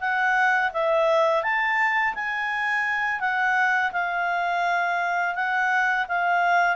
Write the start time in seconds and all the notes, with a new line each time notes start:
0.00 F#5
0.73 E5
1.43 A5
2.15 G#5
3.20 F#5
3.93 F5
5.35 F#5
6.08 F5